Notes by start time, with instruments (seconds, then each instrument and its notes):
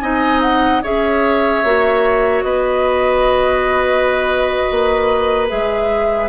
0.00 bassoon C4, clarinet D#4, oboe D#5, flute G#5
0.42 flute F#5
0.83 bassoon C#4, clarinet G#4, oboe C#5, flute E5
1.64 bassoon A#3, clarinet F#4
2.43 bassoon B3, oboe B4, flute D#5
4.71 bassoon A#3
5.48 bassoon G#3, clarinet G#4, flute E5